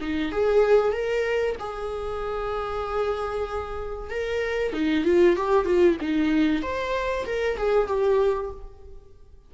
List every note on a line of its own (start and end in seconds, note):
0.00 0.31 D#4
0.31 0.92 G#4
0.92 1.55 A#4
1.59 4.10 G#4
4.10 4.73 A#4
4.73 5.04 D#4
5.04 5.36 F4
5.36 5.65 G4
5.65 5.97 F4
6.01 6.62 D#4
6.62 7.25 C5
7.25 7.57 A#4
7.57 7.87 G#4
7.87 8.50 G4